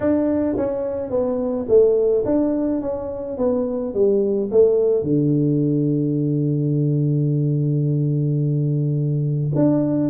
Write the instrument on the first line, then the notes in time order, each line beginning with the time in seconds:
tuba
0.00 D4
0.57 C#4
1.10 B3
1.68 A3
2.25 D4
2.81 C#4
3.37 B3
3.94 G3
4.51 A3
5.03 D3
9.55 D4